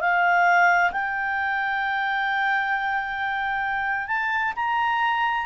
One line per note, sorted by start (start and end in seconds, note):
0.00 0.91 F5
0.91 4.07 G5
4.07 4.53 A5
4.56 5.46 A#5